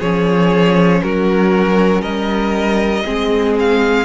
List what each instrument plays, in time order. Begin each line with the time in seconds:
0.00 cello F3, viola C#4, violin G#4 C#5
1.03 cello F#3, violin F#4 A#4
2.02 cello G3, violin A#4 D#5
3.05 cello G#3, viola C4, violin G#4
3.59 violin F5